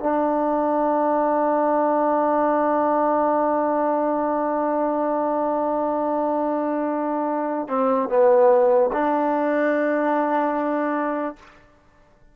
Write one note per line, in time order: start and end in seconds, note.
0.00 7.69 D4
7.69 8.09 C4
8.09 8.90 B3
8.93 11.36 D4